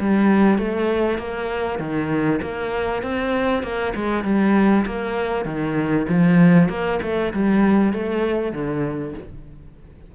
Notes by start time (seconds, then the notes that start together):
0.00 G3
0.58 A3
1.19 A#3
1.79 D#3
2.42 A#3
3.03 C4
3.63 A#3
3.96 G#3
4.24 G3
4.86 A#3
5.46 D#3
6.09 F3
6.70 A#3
7.03 A3
7.34 G3
7.94 A3
8.53 D3